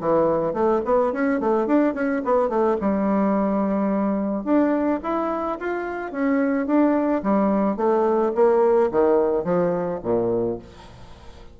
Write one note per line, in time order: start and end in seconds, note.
0.00 0.53 E3
0.53 0.81 A3
0.85 1.12 B3
1.12 1.40 C#4
1.40 1.66 A3
1.66 1.94 D4
1.94 2.22 C#4
2.24 2.48 B3
2.48 2.76 A3
2.80 4.44 G3
4.44 4.99 D4
5.03 5.58 E4
5.59 6.11 F4
6.11 6.66 C#4
6.66 7.22 D4
7.22 7.76 G3
7.76 8.32 A3
8.35 8.90 A#3
8.91 9.44 D#3
9.44 9.99 F3
10.03 10.58 A#2